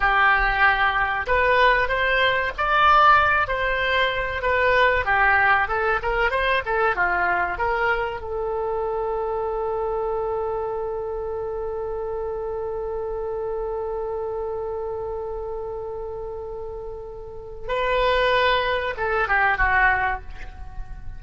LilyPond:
\new Staff \with { instrumentName = "oboe" } { \time 4/4 \tempo 4 = 95 g'2 b'4 c''4 | d''4. c''4. b'4 | g'4 a'8 ais'8 c''8 a'8 f'4 | ais'4 a'2.~ |
a'1~ | a'1~ | a'1 | b'2 a'8 g'8 fis'4 | }